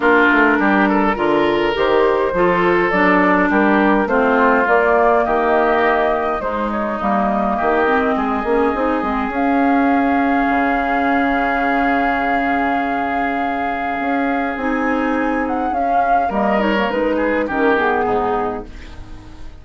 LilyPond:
<<
  \new Staff \with { instrumentName = "flute" } { \time 4/4 \tempo 4 = 103 ais'2. c''4~ | c''4 d''4 ais'4 c''4 | d''4 dis''2 c''8 cis''8 | dis''1 |
f''1~ | f''1~ | f''4 gis''4. fis''8 f''4 | dis''8 cis''8 b'4 ais'8 gis'4. | }
  \new Staff \with { instrumentName = "oboe" } { \time 4/4 f'4 g'8 a'8 ais'2 | a'2 g'4 f'4~ | f'4 g'2 dis'4~ | dis'4 g'4 gis'2~ |
gis'1~ | gis'1~ | gis'1 | ais'4. gis'8 g'4 dis'4 | }
  \new Staff \with { instrumentName = "clarinet" } { \time 4/4 d'2 f'4 g'4 | f'4 d'2 c'4 | ais2. gis4 | ais4. c'4 cis'8 dis'8 c'8 |
cis'1~ | cis'1~ | cis'4 dis'2 cis'4 | ais8 dis'16 ais16 dis'4 cis'8 b4. | }
  \new Staff \with { instrumentName = "bassoon" } { \time 4/4 ais8 a8 g4 d4 dis4 | f4 fis4 g4 a4 | ais4 dis2 gis4 | g4 dis4 gis8 ais8 c'8 gis8 |
cis'2 cis2~ | cis1 | cis'4 c'2 cis'4 | g4 gis4 dis4 gis,4 | }
>>